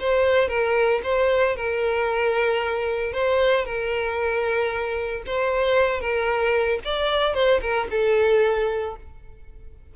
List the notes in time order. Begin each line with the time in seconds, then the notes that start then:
0.00 C5
0.49 A#4
1.04 C5
1.56 A#4
3.13 C5
3.65 A#4
5.26 C5
6.01 A#4
6.85 D5
7.34 C5
7.61 A#4
7.91 A4